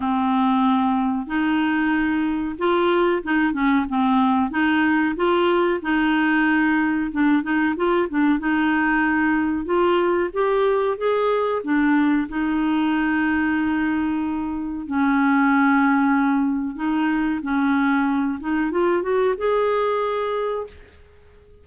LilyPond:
\new Staff \with { instrumentName = "clarinet" } { \time 4/4 \tempo 4 = 93 c'2 dis'2 | f'4 dis'8 cis'8 c'4 dis'4 | f'4 dis'2 d'8 dis'8 | f'8 d'8 dis'2 f'4 |
g'4 gis'4 d'4 dis'4~ | dis'2. cis'4~ | cis'2 dis'4 cis'4~ | cis'8 dis'8 f'8 fis'8 gis'2 | }